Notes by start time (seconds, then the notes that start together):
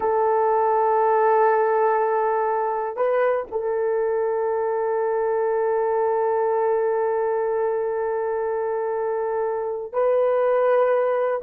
0.00 A4
2.96 B4
3.51 A4
9.92 B4